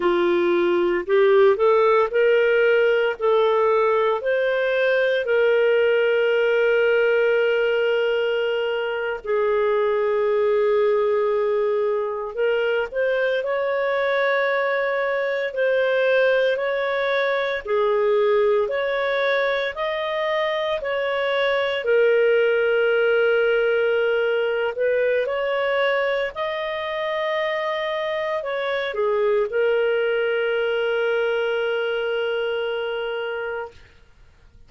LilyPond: \new Staff \with { instrumentName = "clarinet" } { \time 4/4 \tempo 4 = 57 f'4 g'8 a'8 ais'4 a'4 | c''4 ais'2.~ | ais'8. gis'2. ais'16~ | ais'16 c''8 cis''2 c''4 cis''16~ |
cis''8. gis'4 cis''4 dis''4 cis''16~ | cis''8. ais'2~ ais'8. b'8 | cis''4 dis''2 cis''8 gis'8 | ais'1 | }